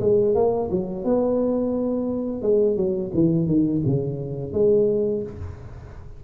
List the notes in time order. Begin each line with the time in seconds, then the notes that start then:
0.00 G#3
0.35 A#3
0.70 F#3
1.04 B3
2.42 G#3
2.76 F#3
3.14 E3
3.46 D#3
3.86 C#3
4.53 G#3